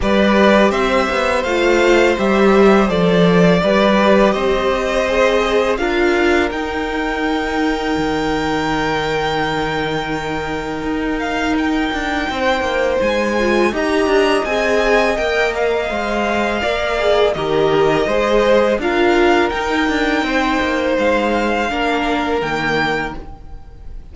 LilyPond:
<<
  \new Staff \with { instrumentName = "violin" } { \time 4/4 \tempo 4 = 83 d''4 e''4 f''4 e''4 | d''2 dis''2 | f''4 g''2.~ | g''2.~ g''8 f''8 |
g''2 gis''4 ais''4 | gis''4 g''8 f''2~ f''8 | dis''2 f''4 g''4~ | g''4 f''2 g''4 | }
  \new Staff \with { instrumentName = "violin" } { \time 4/4 b'4 c''2.~ | c''4 b'4 c''2 | ais'1~ | ais'1~ |
ais'4 c''2 dis''4~ | dis''2. d''4 | ais'4 c''4 ais'2 | c''2 ais'2 | }
  \new Staff \with { instrumentName = "viola" } { \time 4/4 g'2 f'4 g'4 | a'4 g'2 gis'4 | f'4 dis'2.~ | dis'1~ |
dis'2~ dis'8 f'8 g'4 | gis'4 ais'4 c''4 ais'8 gis'8 | g'4 gis'4 f'4 dis'4~ | dis'2 d'4 ais4 | }
  \new Staff \with { instrumentName = "cello" } { \time 4/4 g4 c'8 b8 a4 g4 | f4 g4 c'2 | d'4 dis'2 dis4~ | dis2. dis'4~ |
dis'8 d'8 c'8 ais8 gis4 dis'8 d'8 | c'4 ais4 gis4 ais4 | dis4 gis4 d'4 dis'8 d'8 | c'8 ais8 gis4 ais4 dis4 | }
>>